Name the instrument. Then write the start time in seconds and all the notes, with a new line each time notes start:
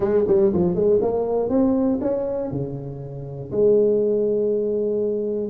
tuba
0.00 G#3
0.27 G3
0.53 F3
0.75 G#3
1.01 A#3
1.49 C4
2.01 C#4
2.51 C#3
3.51 G#3